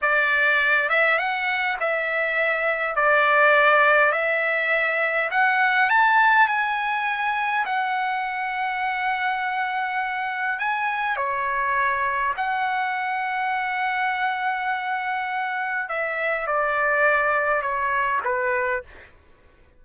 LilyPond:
\new Staff \with { instrumentName = "trumpet" } { \time 4/4 \tempo 4 = 102 d''4. e''8 fis''4 e''4~ | e''4 d''2 e''4~ | e''4 fis''4 a''4 gis''4~ | gis''4 fis''2.~ |
fis''2 gis''4 cis''4~ | cis''4 fis''2.~ | fis''2. e''4 | d''2 cis''4 b'4 | }